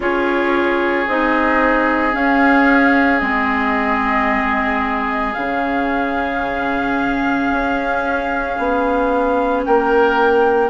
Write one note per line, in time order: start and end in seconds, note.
0.00 1.06 C#4
0.00 1.06 F4
0.00 9.65 G#4
0.00 1.08 C#5
1.07 2.14 C4
1.07 2.12 D#4
1.07 2.15 D#5
2.12 3.19 C#4
2.12 3.21 C#4
2.12 3.19 F5
3.19 5.35 G#3
3.19 5.33 C4
3.19 5.33 D#5
5.33 7.50 C#3
5.33 10.69 C#4
5.33 9.62 F5
7.50 8.57 C#4
8.58 9.65 B3
9.65 10.69 A#3
9.65 10.69 A#4
9.65 10.69 G5